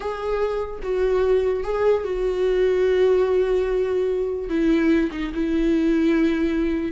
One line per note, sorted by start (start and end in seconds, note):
0.00 0.79 G#4
0.82 1.63 F#4
1.63 2.04 G#4
2.04 4.49 F#4
4.49 5.10 E4
5.11 5.32 D#4
5.34 6.91 E4